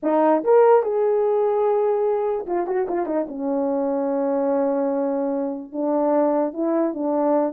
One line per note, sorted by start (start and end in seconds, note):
0.02 0.43 D#4
0.44 0.82 A#4
0.82 2.46 G#4
2.46 2.66 F4
2.67 2.87 F#4
2.88 3.06 F4
3.06 3.26 D#4
3.28 5.72 C#4
5.72 6.53 D4
6.53 6.94 E4
6.94 7.53 D4